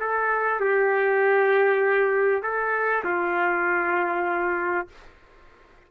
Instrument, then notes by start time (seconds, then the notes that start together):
trumpet
0.00 A4
0.60 G4
2.43 A4
3.04 F4